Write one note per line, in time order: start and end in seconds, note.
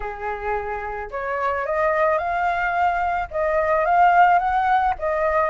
0.00 1.09 G#4
1.10 1.65 C#5
1.65 2.18 D#5
2.18 3.28 F5
3.30 3.85 D#5
3.85 4.38 F5
4.38 4.93 F#5
4.98 5.49 D#5